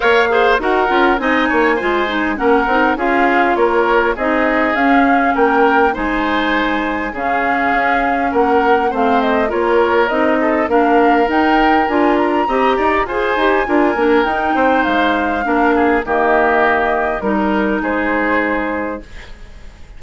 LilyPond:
<<
  \new Staff \with { instrumentName = "flute" } { \time 4/4 \tempo 4 = 101 f''4 fis''4 gis''2 | fis''4 f''4 cis''4 dis''4 | f''4 g''4 gis''2 | f''2 fis''4 f''8 dis''8 |
cis''4 dis''4 f''4 g''4 | gis''8 ais''4. gis''2 | g''4 f''2 dis''4~ | dis''4 ais'4 c''2 | }
  \new Staff \with { instrumentName = "oboe" } { \time 4/4 cis''8 c''8 ais'4 dis''8 cis''8 c''4 | ais'4 gis'4 ais'4 gis'4~ | gis'4 ais'4 c''2 | gis'2 ais'4 c''4 |
ais'4. a'8 ais'2~ | ais'4 dis''8 d''8 c''4 ais'4~ | ais'8 c''4. ais'8 gis'8 g'4~ | g'4 ais'4 gis'2 | }
  \new Staff \with { instrumentName = "clarinet" } { \time 4/4 ais'8 gis'8 fis'8 f'8 dis'4 f'8 dis'8 | cis'8 dis'8 f'2 dis'4 | cis'2 dis'2 | cis'2. c'4 |
f'4 dis'4 d'4 dis'4 | f'4 g'4 gis'8 g'8 f'8 d'8 | dis'2 d'4 ais4~ | ais4 dis'2. | }
  \new Staff \with { instrumentName = "bassoon" } { \time 4/4 ais4 dis'8 cis'8 c'8 ais8 gis4 | ais8 c'8 cis'4 ais4 c'4 | cis'4 ais4 gis2 | cis4 cis'4 ais4 a4 |
ais4 c'4 ais4 dis'4 | d'4 c'8 dis'8 f'8 dis'8 d'8 ais8 | dis'8 c'8 gis4 ais4 dis4~ | dis4 g4 gis2 | }
>>